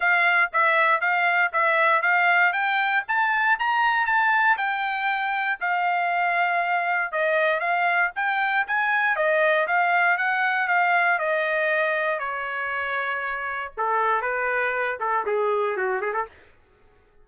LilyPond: \new Staff \with { instrumentName = "trumpet" } { \time 4/4 \tempo 4 = 118 f''4 e''4 f''4 e''4 | f''4 g''4 a''4 ais''4 | a''4 g''2 f''4~ | f''2 dis''4 f''4 |
g''4 gis''4 dis''4 f''4 | fis''4 f''4 dis''2 | cis''2. a'4 | b'4. a'8 gis'4 fis'8 gis'16 a'16 | }